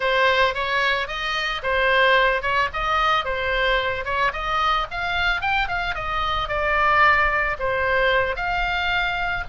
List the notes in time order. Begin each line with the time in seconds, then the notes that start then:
0.00 C5
0.54 C#5
1.07 D#5
1.62 C5
2.42 C#5
2.73 D#5
3.25 C5
4.04 C#5
4.32 D#5
4.90 F5
5.41 G5
5.68 F5
5.94 D#5
6.48 D5
7.59 C5
8.35 F5